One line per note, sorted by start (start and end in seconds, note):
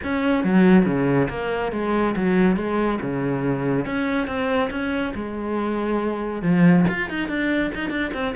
0.03 0.44 C#4
0.44 0.85 F#3
0.85 1.28 C#3
1.29 1.72 A#3
1.72 2.15 G#3
2.15 2.56 F#3
2.56 2.99 G#3
3.01 3.85 C#3
3.85 4.27 C#4
4.27 4.69 C4
4.70 5.13 C#4
5.14 6.42 G#3
6.42 6.85 F3
6.88 7.09 F4
7.09 7.28 D#4
7.28 7.71 D4
7.74 7.90 D#4
7.90 8.11 D4
8.13 8.35 C4